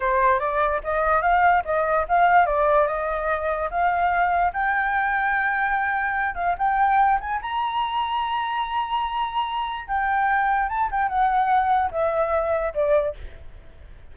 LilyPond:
\new Staff \with { instrumentName = "flute" } { \time 4/4 \tempo 4 = 146 c''4 d''4 dis''4 f''4 | dis''4 f''4 d''4 dis''4~ | dis''4 f''2 g''4~ | g''2.~ g''8 f''8 |
g''4. gis''8 ais''2~ | ais''1 | g''2 a''8 g''8 fis''4~ | fis''4 e''2 d''4 | }